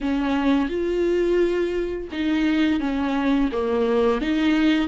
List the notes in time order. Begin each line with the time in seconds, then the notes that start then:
0.00 C#4
0.68 F4
2.11 D#4
2.80 C#4
3.51 A#3
4.21 D#4